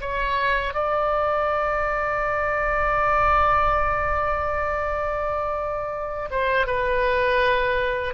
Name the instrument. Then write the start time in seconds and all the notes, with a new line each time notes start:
oboe
0.00 C#5
0.74 D5
6.30 C5
6.66 B4